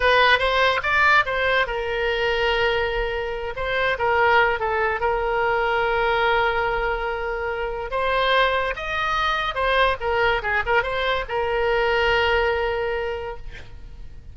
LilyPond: \new Staff \with { instrumentName = "oboe" } { \time 4/4 \tempo 4 = 144 b'4 c''4 d''4 c''4 | ais'1~ | ais'8 c''4 ais'4. a'4 | ais'1~ |
ais'2. c''4~ | c''4 dis''2 c''4 | ais'4 gis'8 ais'8 c''4 ais'4~ | ais'1 | }